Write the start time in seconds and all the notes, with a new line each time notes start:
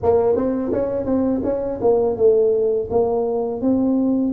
0.03 A#3
0.35 C4
0.72 C#4
1.05 C4
1.43 C#4
1.81 A#3
2.16 A3
2.90 A#3
3.61 C4